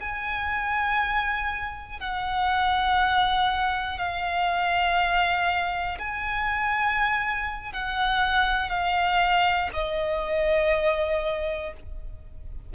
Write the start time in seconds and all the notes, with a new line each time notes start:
0.00 G#5
2.00 F#5
3.98 F5
5.99 G#5
7.73 F#5
8.70 F5
9.73 D#5